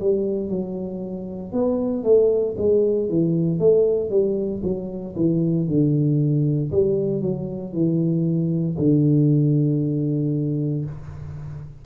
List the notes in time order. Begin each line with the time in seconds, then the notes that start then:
0.00 G3
0.49 F#3
1.52 B3
2.04 A3
2.58 G#3
3.09 E3
3.59 A3
4.10 G3
4.63 F#3
5.16 E3
5.68 D3
6.71 G3
7.22 F#3
7.74 E3
8.78 D3